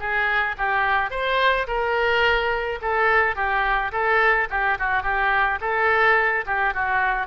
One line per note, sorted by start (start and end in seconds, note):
0.00 0.56 G#4
0.58 1.11 G4
1.11 1.67 C5
1.68 2.80 A#4
2.82 3.36 A4
3.36 3.92 G4
3.92 4.48 A4
4.51 4.79 G4
4.79 5.03 F#4
5.03 5.59 G4
5.61 6.45 A4
6.46 6.74 G4
6.75 7.27 F#4